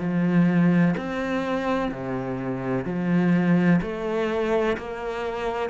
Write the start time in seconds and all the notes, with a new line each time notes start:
0.00 F3
0.97 C4
1.91 C3
2.85 F3
3.82 A3
4.77 A#3